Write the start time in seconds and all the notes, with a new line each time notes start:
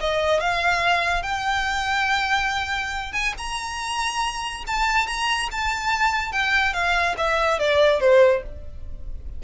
0.00 D#5
0.40 F5
1.23 G5
3.13 G#5
3.38 A#5
4.67 A5
5.07 A#5
5.52 A5
6.32 G5
6.73 F5
7.18 E5
7.59 D5
8.00 C5